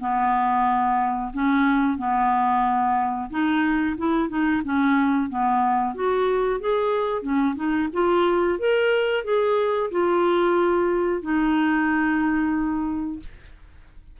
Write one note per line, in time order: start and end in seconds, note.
0.00 1.32 B3
1.33 1.98 C#4
1.98 3.30 B3
3.30 3.96 D#4
3.97 4.29 E4
4.29 4.62 D#4
4.64 5.30 C#4
5.30 5.95 B3
5.95 6.60 F#4
6.60 7.22 G#4
7.22 7.55 C#4
7.56 7.89 D#4
7.93 8.59 F4
8.59 9.24 A#4
9.24 9.90 G#4
9.91 11.21 F4
11.21 13.19 D#4